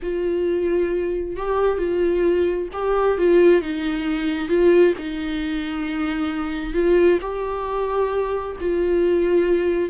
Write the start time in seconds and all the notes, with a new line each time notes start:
0.02 F4
1.36 G4
1.78 F4
2.73 G4
3.18 F4
3.61 D#4
4.48 F4
4.98 D#4
6.73 F4
7.21 G4
8.60 F4